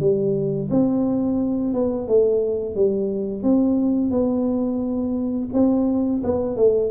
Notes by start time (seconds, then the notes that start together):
0.00 G3
0.70 C4
1.73 B3
2.08 A3
2.75 G3
3.43 C4
4.11 B3
5.53 C4
6.23 B3
6.56 A3